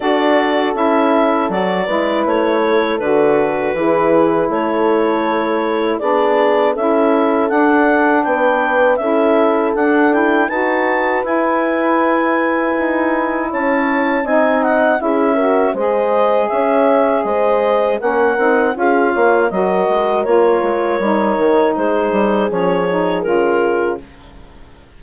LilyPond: <<
  \new Staff \with { instrumentName = "clarinet" } { \time 4/4 \tempo 4 = 80 d''4 e''4 d''4 cis''4 | b'2 cis''2 | d''4 e''4 fis''4 g''4 | e''4 fis''8 g''8 a''4 gis''4~ |
gis''2 a''4 gis''8 fis''8 | e''4 dis''4 e''4 dis''4 | fis''4 f''4 dis''4 cis''4~ | cis''4 c''4 cis''4 ais'4 | }
  \new Staff \with { instrumentName = "horn" } { \time 4/4 a'2~ a'8 b'4 a'8~ | a'4 gis'4 a'2 | gis'4 a'2 b'4 | a'2 b'2~ |
b'2 cis''4 dis''4 | gis'8 ais'8 c''4 cis''4 c''4 | ais'4 gis'8 cis''8 ais'2~ | ais'4 gis'2. | }
  \new Staff \with { instrumentName = "saxophone" } { \time 4/4 fis'4 e'4 fis'8 e'4. | fis'4 e'2. | d'4 e'4 d'2 | e'4 d'8 e'8 fis'4 e'4~ |
e'2. dis'4 | e'8 fis'8 gis'2. | cis'8 dis'8 f'4 fis'4 f'4 | dis'2 cis'8 dis'8 f'4 | }
  \new Staff \with { instrumentName = "bassoon" } { \time 4/4 d'4 cis'4 fis8 gis8 a4 | d4 e4 a2 | b4 cis'4 d'4 b4 | cis'4 d'4 dis'4 e'4~ |
e'4 dis'4 cis'4 c'4 | cis'4 gis4 cis'4 gis4 | ais8 c'8 cis'8 ais8 fis8 gis8 ais8 gis8 | g8 dis8 gis8 g8 f4 cis4 | }
>>